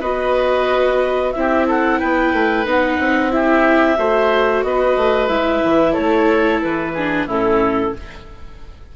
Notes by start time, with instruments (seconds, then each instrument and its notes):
0.00 bassoon B3, viola F#4, oboe B4, clarinet D#5
1.32 bassoon C4, viola E4, clarinet E5
1.39 oboe G4
1.67 oboe A4, clarinet F#5
1.99 bassoon B3, oboe B4, clarinet G5
2.33 bassoon A3
2.65 bassoon B3, viola D#4, clarinet F#5
2.99 bassoon C4
3.30 viola E4, oboe G4, clarinet E5
3.97 bassoon A3, viola F#4, oboe C5
4.63 bassoon B3, oboe B4, clarinet D#5
4.97 bassoon A3
5.28 bassoon G#3, viola E4, clarinet E5
5.64 bassoon E3
5.93 bassoon A3, oboe A4, clarinet C#5
6.62 bassoon E3, clarinet B4
6.94 viola D4, oboe G#4
7.26 bassoon A2, viola C#4, oboe E4, clarinet A4